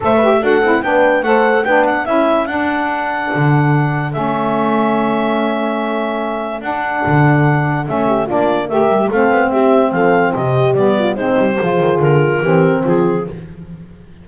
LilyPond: <<
  \new Staff \with { instrumentName = "clarinet" } { \time 4/4 \tempo 4 = 145 e''4 fis''4 g''4 fis''4 | g''8 fis''8 e''4 fis''2~ | fis''2 e''2~ | e''1 |
fis''2. e''4 | d''4 e''4 f''4 e''4 | f''4 dis''4 d''4 c''4~ | c''4 ais'2 gis'4 | }
  \new Staff \with { instrumentName = "horn" } { \time 4/4 c''8 b'8 a'4 b'4 c''4 | b'4 a'2.~ | a'1~ | a'1~ |
a'2.~ a'8 g'8 | f'4 ais'4 a'4 g'4 | a'4 g'4. f'8 dis'4 | gis'2 g'4 f'4 | }
  \new Staff \with { instrumentName = "saxophone" } { \time 4/4 a'8 g'8 fis'8 e'8 d'4 a'4 | d'4 e'4 d'2~ | d'2 cis'2~ | cis'1 |
d'2. cis'4 | d'4 g'4 c'2~ | c'2 b4 c'4 | f'2 c'2 | }
  \new Staff \with { instrumentName = "double bass" } { \time 4/4 a4 d'8 c'8 b4 a4 | b4 cis'4 d'2 | d2 a2~ | a1 |
d'4 d2 a4 | ais4 a8 g8 a8 b8 c'4 | f4 c4 g4 gis8 g8 | f8 dis8 d4 e4 f4 | }
>>